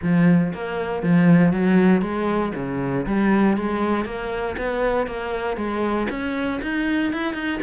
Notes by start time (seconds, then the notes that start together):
0.02 F3
0.53 A#3
1.03 F3
1.52 F#3
2.01 G#3
2.55 C#3
3.06 G3
3.57 G#3
4.05 A#3
4.57 B3
5.06 A#3
5.57 G#3
6.09 C#4
6.62 D#4
7.12 E4
7.33 D#4